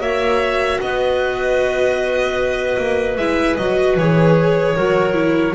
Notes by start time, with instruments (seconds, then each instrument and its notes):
0.00 double bass A#3, viola F#4, clarinet C#5, violin E5
0.80 double bass B3, clarinet B4, violin D#5
2.78 double bass A#3
3.17 double bass G#3, viola E4, violin E5
3.57 double bass F#3, viola F#4, violin D#5
3.97 double bass E3, viola G#4, violin C#5
4.76 double bass F#3, viola F#4, clarinet A#4
5.14 viola E4